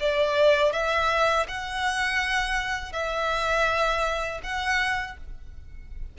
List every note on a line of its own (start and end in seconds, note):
0.00 0.72 D5
0.72 1.46 E5
1.48 2.92 F#5
2.92 4.40 E5
4.43 5.17 F#5